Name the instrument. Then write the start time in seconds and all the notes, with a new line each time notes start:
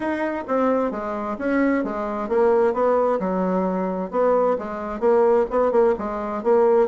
bassoon
0.00 D#4
0.47 C4
0.91 G#3
1.38 C#4
1.84 G#3
2.28 A#3
2.73 B3
3.19 F#3
4.10 B3
4.58 G#3
4.99 A#3
5.50 B3
5.71 A#3
5.98 G#3
6.43 A#3